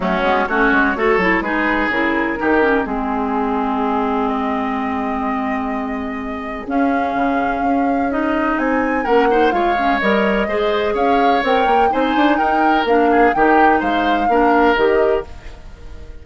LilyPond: <<
  \new Staff \with { instrumentName = "flute" } { \time 4/4 \tempo 4 = 126 fis'4 cis''2 b'4 | ais'2 gis'2~ | gis'4 dis''2.~ | dis''2 f''2~ |
f''4 dis''4 gis''4 fis''4 | f''4 dis''2 f''4 | g''4 gis''4 g''4 f''4 | g''4 f''2 dis''4 | }
  \new Staff \with { instrumentName = "oboe" } { \time 4/4 cis'4 fis'4 a'4 gis'4~ | gis'4 g'4 gis'2~ | gis'1~ | gis'1~ |
gis'2. ais'8 c''8 | cis''2 c''4 cis''4~ | cis''4 c''4 ais'4. gis'8 | g'4 c''4 ais'2 | }
  \new Staff \with { instrumentName = "clarinet" } { \time 4/4 a8 b8 cis'4 fis'8 e'8 dis'4 | e'4 dis'8 cis'8 c'2~ | c'1~ | c'2 cis'2~ |
cis'4 dis'2 cis'8 dis'8 | f'8 cis'8 ais'4 gis'2 | ais'4 dis'2 d'4 | dis'2 d'4 g'4 | }
  \new Staff \with { instrumentName = "bassoon" } { \time 4/4 fis8 gis8 a8 gis8 a8 fis8 gis4 | cis4 dis4 gis2~ | gis1~ | gis2 cis'4 cis4 |
cis'2 c'4 ais4 | gis4 g4 gis4 cis'4 | c'8 ais8 c'8 d'8 dis'4 ais4 | dis4 gis4 ais4 dis4 | }
>>